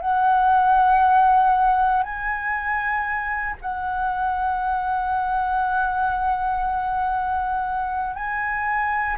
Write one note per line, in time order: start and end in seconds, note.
0.00 2.03 F#5
2.03 3.55 G#5
3.61 8.15 F#5
8.15 9.17 G#5